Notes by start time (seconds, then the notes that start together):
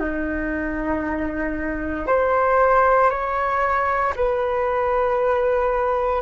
0.00 D#4
2.06 C5
3.10 C#5
4.16 B4